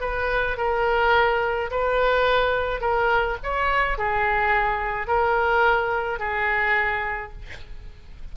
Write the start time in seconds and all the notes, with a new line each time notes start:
0.00 B4
0.57 A#4
1.71 B4
2.80 A#4
3.43 C#5
3.98 G#4
5.07 A#4
6.19 G#4